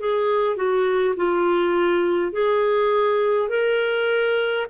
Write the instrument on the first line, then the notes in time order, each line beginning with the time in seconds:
clarinet
0.00 G#4
0.56 F#4
1.16 F4
2.32 G#4
3.49 A#4